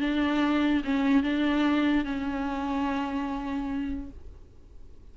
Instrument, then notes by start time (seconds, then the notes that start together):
viola
0.00 D4
0.84 C#4
1.23 D4
2.04 C#4